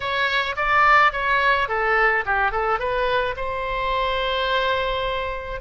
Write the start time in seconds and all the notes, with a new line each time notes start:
0.00 C#5
0.56 D5
1.12 C#5
1.68 A4
2.25 G4
2.51 A4
2.79 B4
3.36 C5